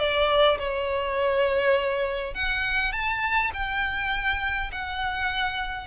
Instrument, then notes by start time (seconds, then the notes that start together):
violin
0.00 D5
0.59 C#5
2.35 F#5
2.93 A5
3.54 G5
4.72 F#5